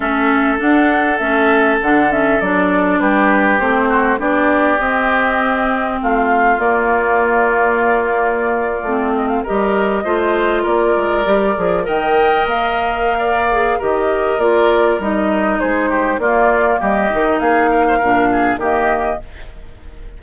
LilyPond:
<<
  \new Staff \with { instrumentName = "flute" } { \time 4/4 \tempo 4 = 100 e''4 fis''4 e''4 fis''8 e''8 | d''4 b'4 c''4 d''4 | dis''2 f''4 d''4~ | d''2.~ d''16 dis''16 f''16 dis''16~ |
dis''4.~ dis''16 d''2 g''16~ | g''8. f''2~ f''16 dis''4 | d''4 dis''4 c''4 d''4 | dis''4 f''2 dis''4 | }
  \new Staff \with { instrumentName = "oboe" } { \time 4/4 a'1~ | a'4 g'4. fis'8 g'4~ | g'2 f'2~ | f'2.~ f'8. ais'16~ |
ais'8. c''4 ais'2 dis''16~ | dis''2 d''4 ais'4~ | ais'2 gis'8 g'8 f'4 | g'4 gis'8 ais'16 c''16 ais'8 gis'8 g'4 | }
  \new Staff \with { instrumentName = "clarinet" } { \time 4/4 cis'4 d'4 cis'4 d'8 cis'8 | d'2 c'4 d'4 | c'2. ais4~ | ais2~ ais8. c'4 g'16~ |
g'8. f'2 g'8 gis'8 ais'16~ | ais'2~ ais'8 gis'8 g'4 | f'4 dis'2 ais4~ | ais8 dis'4. d'4 ais4 | }
  \new Staff \with { instrumentName = "bassoon" } { \time 4/4 a4 d'4 a4 d4 | fis4 g4 a4 b4 | c'2 a4 ais4~ | ais2~ ais8. a4 g16~ |
g8. a4 ais8 gis8 g8 f8 dis16~ | dis8. ais2~ ais16 dis4 | ais4 g4 gis4 ais4 | g8 dis8 ais4 ais,4 dis4 | }
>>